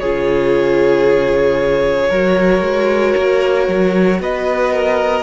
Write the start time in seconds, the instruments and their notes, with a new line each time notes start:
0.00 cello C#3, viola F4, violin G#4 C#5
2.09 cello F#3, viola F#4, violin A#4
2.62 cello G#3
3.17 cello A#3
3.68 cello F#3
4.20 cello B3, violin B4 D#5
4.74 violin A#4